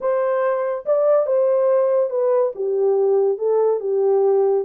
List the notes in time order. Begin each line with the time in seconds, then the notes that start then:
0.00 C5
0.85 D5
1.26 C5
2.10 B4
2.55 G4
3.38 A4
3.80 G4